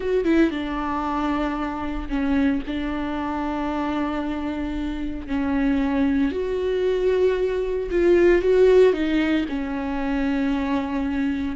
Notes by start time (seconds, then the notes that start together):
0.00 F#4
0.24 E4
0.50 D4
2.09 C#4
2.67 D4
5.27 C#4
6.31 F#4
7.90 F4
8.41 F#4
8.93 D#4
9.49 C#4